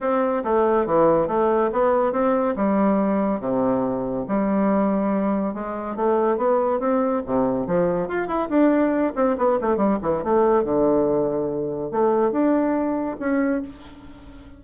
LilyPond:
\new Staff \with { instrumentName = "bassoon" } { \time 4/4 \tempo 4 = 141 c'4 a4 e4 a4 | b4 c'4 g2 | c2 g2~ | g4 gis4 a4 b4 |
c'4 c4 f4 f'8 e'8 | d'4. c'8 b8 a8 g8 e8 | a4 d2. | a4 d'2 cis'4 | }